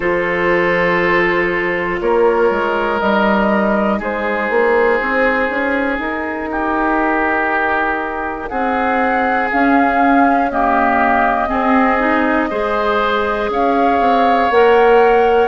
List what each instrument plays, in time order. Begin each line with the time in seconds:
0.00 bassoon F3, clarinet F4, oboe A4, flute C5
2.00 bassoon A#3, oboe A#4, flute C#5
2.50 bassoon G#3
2.99 bassoon G3, clarinet D#4, flute D#5
3.99 bassoon G#3, oboe G#4, flute C5
4.50 bassoon A#3
5.00 bassoon C4
5.49 bassoon C#4
5.99 bassoon D#4, flute A#4
6.51 oboe G4
8.48 bassoon C4, oboe G#4, flute F#5
9.51 clarinet C#4, bassoon C#4, flute F5
10.50 clarinet A#3, oboe G4, flute D#5
11.48 clarinet C4, bassoon C4, oboe G#4
11.99 clarinet D#4
12.50 bassoon G#3, clarinet G#4, oboe C5
13.49 bassoon C#4, oboe C#5, flute F5
13.99 bassoon C4
14.49 bassoon A#3, clarinet A#4, flute F#5